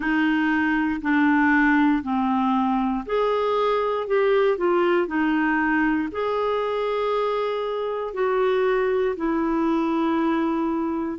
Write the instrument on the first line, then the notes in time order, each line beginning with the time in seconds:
clarinet
0.00 D#4
1.01 D4
2.02 C4
3.06 G#4
4.07 G4
4.57 F4
5.07 D#4
6.11 G#4
8.14 F#4
9.16 E4